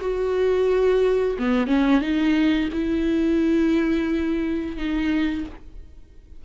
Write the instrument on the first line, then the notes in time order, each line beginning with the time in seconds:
viola
0.00 F#4
1.38 B3
1.67 C#4
2.01 D#4
2.72 E4
4.76 D#4